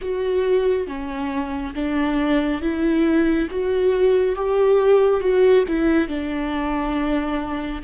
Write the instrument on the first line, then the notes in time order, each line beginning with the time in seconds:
viola
0.01 F#4
0.87 C#4
1.74 D4
2.61 E4
3.50 F#4
4.35 G4
5.20 F#4
5.68 E4
6.08 D4